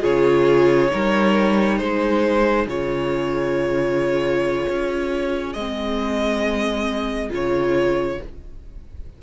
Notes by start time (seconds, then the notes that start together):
0.00 C#3 F4 G#4 C#5
0.90 G3 D#4 A#4
1.78 G#3 G#4 C5
2.66 C#3 F4 C#5
4.69 C#4
5.53 G#3 C4 D#5
7.29 C#3 F4 C#5